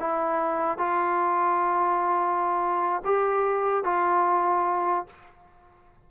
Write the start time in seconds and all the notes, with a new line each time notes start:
0.00 E4
0.78 F4
3.05 G4
3.84 F4